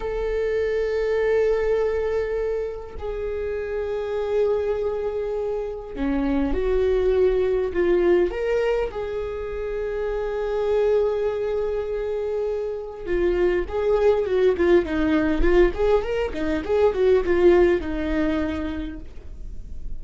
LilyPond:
\new Staff \with { instrumentName = "viola" } { \time 4/4 \tempo 4 = 101 a'1~ | a'4 gis'2.~ | gis'2 cis'4 fis'4~ | fis'4 f'4 ais'4 gis'4~ |
gis'1~ | gis'2 f'4 gis'4 | fis'8 f'8 dis'4 f'8 gis'8 ais'8 dis'8 | gis'8 fis'8 f'4 dis'2 | }